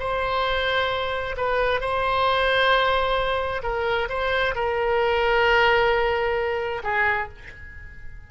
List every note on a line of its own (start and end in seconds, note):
0.00 1.36 C5
1.38 1.81 B4
1.81 3.63 C5
3.63 4.09 A#4
4.10 4.55 C5
4.56 6.83 A#4
6.83 7.29 G#4